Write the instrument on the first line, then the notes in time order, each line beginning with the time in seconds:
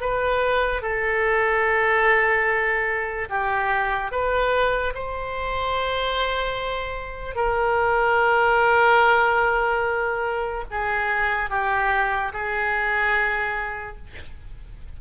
oboe
0.00 B4
0.82 A4
3.29 G4
4.11 B4
4.94 C5
7.35 A#4
10.70 G#4
11.50 G4
12.33 G#4